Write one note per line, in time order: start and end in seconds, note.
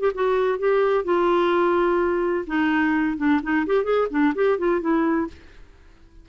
0.00 0.12 G4
0.14 0.59 F#4
0.59 1.04 G4
1.04 2.45 F4
2.47 3.17 D#4
3.17 3.41 D4
3.43 3.66 D#4
3.66 3.84 G4
3.84 4.08 G#4
4.10 4.34 D4
4.35 4.58 G4
4.58 4.81 F4
4.81 5.28 E4